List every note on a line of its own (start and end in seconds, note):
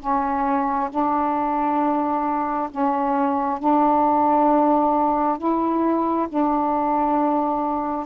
0.00 0.90 C#4
0.90 2.69 D4
2.71 3.59 C#4
3.59 5.38 D4
5.38 6.28 E4
6.29 8.06 D4